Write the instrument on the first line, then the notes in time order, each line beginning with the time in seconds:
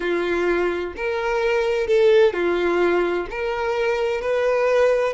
violin
0.00 F4
0.96 A#4
1.87 A4
2.33 F4
3.30 A#4
4.21 B4